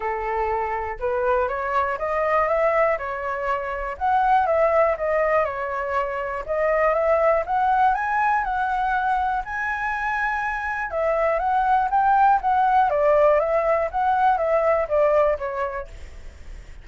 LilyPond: \new Staff \with { instrumentName = "flute" } { \time 4/4 \tempo 4 = 121 a'2 b'4 cis''4 | dis''4 e''4 cis''2 | fis''4 e''4 dis''4 cis''4~ | cis''4 dis''4 e''4 fis''4 |
gis''4 fis''2 gis''4~ | gis''2 e''4 fis''4 | g''4 fis''4 d''4 e''4 | fis''4 e''4 d''4 cis''4 | }